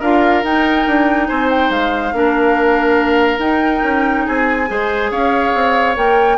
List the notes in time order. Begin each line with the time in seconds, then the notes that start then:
0.00 D4 F4 A#4 F5
0.44 D#4 G5
0.87 D4
1.28 C4 C5 G#5
1.50 G5
1.70 G#3 F5
2.13 A#3 D4 A#4
3.39 D#4 G5
3.84 C#4
4.26 C4 G#4 G#5
4.68 G#3 G#4 C5
5.11 C#4 C#5 F5
5.54 C4
5.96 A#3 A#4 G5